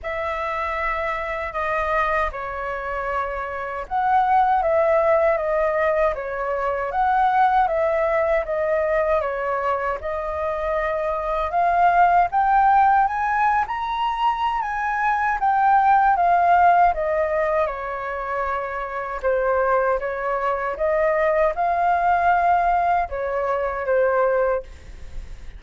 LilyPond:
\new Staff \with { instrumentName = "flute" } { \time 4/4 \tempo 4 = 78 e''2 dis''4 cis''4~ | cis''4 fis''4 e''4 dis''4 | cis''4 fis''4 e''4 dis''4 | cis''4 dis''2 f''4 |
g''4 gis''8. ais''4~ ais''16 gis''4 | g''4 f''4 dis''4 cis''4~ | cis''4 c''4 cis''4 dis''4 | f''2 cis''4 c''4 | }